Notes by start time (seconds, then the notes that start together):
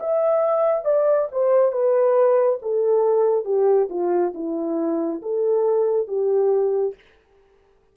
0.00 E5
0.85 D5
1.32 C5
1.72 B4
2.62 A4
3.45 G4
3.90 F4
4.35 E4
5.22 A4
6.08 G4